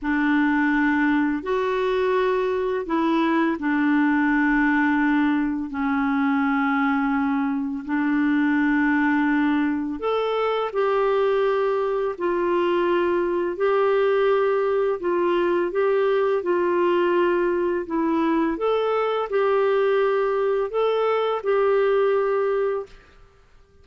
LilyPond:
\new Staff \with { instrumentName = "clarinet" } { \time 4/4 \tempo 4 = 84 d'2 fis'2 | e'4 d'2. | cis'2. d'4~ | d'2 a'4 g'4~ |
g'4 f'2 g'4~ | g'4 f'4 g'4 f'4~ | f'4 e'4 a'4 g'4~ | g'4 a'4 g'2 | }